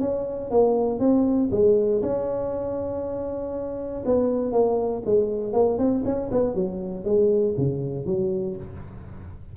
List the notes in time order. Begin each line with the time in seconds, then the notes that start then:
0.00 C#4
0.51 A#3
0.99 C4
1.51 G#3
2.02 C#4
4.05 B3
4.52 A#3
5.05 G#3
5.53 A#3
5.78 C4
6.05 C#4
6.32 B3
6.55 F#3
7.05 G#3
7.57 C#3
8.06 F#3